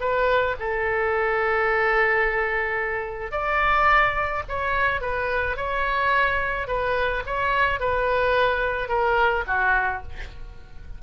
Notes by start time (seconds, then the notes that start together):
0.00 B4
0.59 A4
3.31 D5
4.48 C#5
5.01 B4
5.56 C#5
6.67 B4
7.26 C#5
7.79 B4
8.88 A#4
9.47 F#4